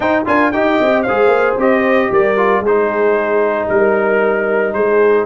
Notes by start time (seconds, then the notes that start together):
0.00 D#4 C5 G5
0.25 D4 F4 A#4 G#5
0.52 D#4 G4 D#5 G5
0.81 C4
1.02 G#3 C5 F5
1.08 G#4
1.27 A#3
1.57 C4 G4 D#5
2.11 G3 A#4 D5
2.36 F4
2.59 G#3 G#4
2.66 D#4 C5
3.68 G3 A#4
4.73 G#3 G#4 C5